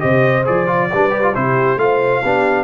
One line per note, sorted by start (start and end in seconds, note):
0.00 0.48 C3
0.00 0.44 G4
0.00 0.90 C5
0.00 0.44 D#5
0.45 0.93 F3
0.45 0.67 G#4
0.45 1.35 D5
0.67 0.89 F4
0.93 1.36 G3
0.93 1.10 D4
0.93 1.37 B4
1.10 1.21 G4
1.23 1.34 F4
1.35 1.77 C3
1.35 1.79 E4
1.35 1.82 G4
1.35 1.79 C5
1.77 2.21 A3
1.77 2.23 F4
1.77 2.25 C5
1.77 2.64 F5
2.24 2.64 B3
2.24 2.64 D4
2.24 2.64 G4